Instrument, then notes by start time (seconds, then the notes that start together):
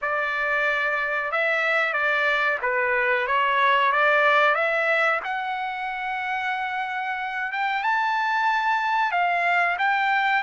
trumpet
0.01 D5
1.31 E5
1.93 D5
2.61 B4
3.27 C#5
3.92 D5
4.54 E5
5.24 F#5
7.52 G5
7.83 A5
9.11 F5
9.78 G5